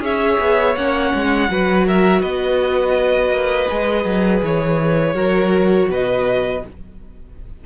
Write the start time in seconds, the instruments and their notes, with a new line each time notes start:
0.00 cello C#4, viola G#4, violin C#5 E5
0.40 cello B3
0.76 cello A#3, viola C#4, violin F#5
1.15 cello G#3
1.49 cello F#3, viola F#4, violin B4
1.87 violin A#4 E5
2.21 cello B3, violin B4 D#5
3.30 cello A#3
3.70 cello G#3, viola G#4
4.05 cello F#3
4.42 cello E3, violin C#5
5.14 cello F#3, viola F#4, violin A#4
5.89 cello B2, violin B4 D#5